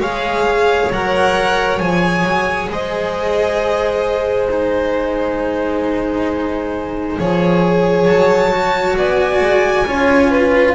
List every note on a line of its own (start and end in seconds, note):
0.00 0.90 G#3
0.00 0.92 G#4
0.00 2.69 C#5
0.00 0.92 F5
0.91 1.80 F#3
0.91 1.80 A#4
0.91 1.78 F#5
1.78 2.24 F3
1.78 4.49 G#4
1.78 2.68 G#5
2.24 2.69 F#3
2.70 7.18 G#3
2.70 7.19 C5
2.70 4.50 D#5
4.50 7.18 D#4
4.50 8.06 G#5
7.18 8.07 F3
7.18 8.52 G#4
7.18 8.97 C#5
8.06 8.97 F#3
8.06 8.96 A5
8.52 9.86 F#4
8.97 9.41 B3
8.97 9.87 D5
8.97 10.75 G#5
9.41 9.85 G#3
9.86 10.75 C#4
9.86 10.75 F4
9.86 10.30 C#5
10.30 10.75 B4